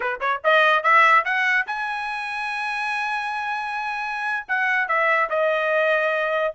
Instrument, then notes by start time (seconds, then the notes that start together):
trumpet
0.00 B4
0.20 C#5
0.44 D#5
0.83 E5
1.24 F#5
1.67 G#5
4.48 F#5
4.88 E5
5.29 D#5